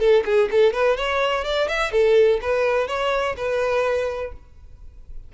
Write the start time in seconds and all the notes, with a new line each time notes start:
0.00 A4
0.25 G#4
0.51 A4
0.74 B4
0.97 C#5
1.45 D5
1.69 E5
1.92 A4
2.42 B4
2.88 C#5
3.37 B4